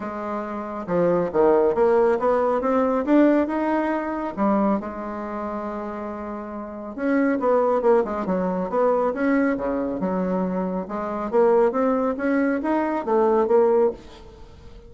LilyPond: \new Staff \with { instrumentName = "bassoon" } { \time 4/4 \tempo 4 = 138 gis2 f4 dis4 | ais4 b4 c'4 d'4 | dis'2 g4 gis4~ | gis1 |
cis'4 b4 ais8 gis8 fis4 | b4 cis'4 cis4 fis4~ | fis4 gis4 ais4 c'4 | cis'4 dis'4 a4 ais4 | }